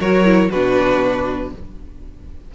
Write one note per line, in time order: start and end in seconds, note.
0.00 0.50 F#3
0.00 0.25 F#4
0.00 0.50 A#4
0.00 0.50 C#5
0.25 0.50 E4
0.50 1.52 B2
0.50 1.55 D4
0.50 1.51 F#4
0.50 1.51 B4